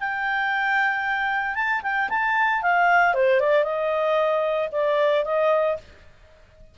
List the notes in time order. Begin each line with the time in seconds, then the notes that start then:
0.00 G5
1.55 A5
1.83 G5
2.10 A5
2.62 F5
3.14 C5
3.40 D5
3.64 D#5
4.72 D5
5.25 D#5